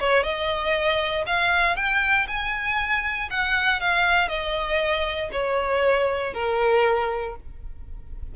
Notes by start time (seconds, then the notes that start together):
0.00 C#5
0.24 D#5
1.27 F5
1.76 G5
2.28 G#5
3.31 F#5
3.81 F5
4.29 D#5
5.32 C#5
6.34 A#4